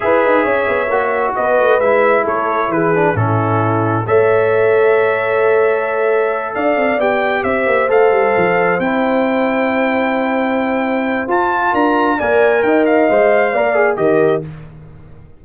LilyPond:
<<
  \new Staff \with { instrumentName = "trumpet" } { \time 4/4 \tempo 4 = 133 e''2. dis''4 | e''4 cis''4 b'4 a'4~ | a'4 e''2.~ | e''2~ e''8 f''4 g''8~ |
g''8 e''4 f''2 g''8~ | g''1~ | g''4 a''4 ais''4 gis''4 | g''8 f''2~ f''8 dis''4 | }
  \new Staff \with { instrumentName = "horn" } { \time 4/4 b'4 cis''2 b'4~ | b'4 a'4 gis'4 e'4~ | e'4 cis''2.~ | cis''2~ cis''8 d''4.~ |
d''8 c''2.~ c''8~ | c''1~ | c''2 ais'4 d''4 | dis''2 d''4 ais'4 | }
  \new Staff \with { instrumentName = "trombone" } { \time 4/4 gis'2 fis'2 | e'2~ e'8 d'8 cis'4~ | cis'4 a'2.~ | a'2.~ a'8 g'8~ |
g'4. a'2 e'8~ | e'1~ | e'4 f'2 ais'4~ | ais'4 c''4 ais'8 gis'8 g'4 | }
  \new Staff \with { instrumentName = "tuba" } { \time 4/4 e'8 dis'8 cis'8 b8 ais4 b8 a8 | gis4 a4 e4 a,4~ | a,4 a2.~ | a2~ a8 d'8 c'8 b8~ |
b8 c'8 ais8 a8 g8 f4 c'8~ | c'1~ | c'4 f'4 d'4 ais4 | dis'4 gis4 ais4 dis4 | }
>>